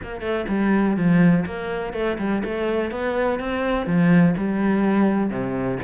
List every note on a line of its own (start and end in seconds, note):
0.02 0.21 A#3
0.21 0.45 A3
0.48 0.96 G3
0.97 1.45 F3
1.46 1.93 A#3
1.93 2.17 A3
2.18 2.42 G3
2.44 2.91 A3
2.91 3.39 B3
3.39 3.86 C4
3.86 4.34 F3
4.37 5.30 G3
5.30 5.78 C3